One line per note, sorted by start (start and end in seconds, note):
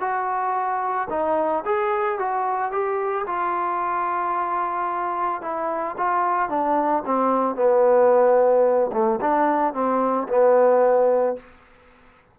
0.00 1.08 F#4
1.10 1.64 D#4
1.65 2.19 G#4
2.19 2.71 F#4
2.71 3.26 G4
3.26 5.42 F4
5.42 5.96 E4
5.98 6.49 F4
6.49 7.03 D4
7.06 7.56 C4
7.56 8.91 B3
8.93 9.20 A3
9.21 9.74 D4
9.74 10.28 C4
10.28 11.36 B3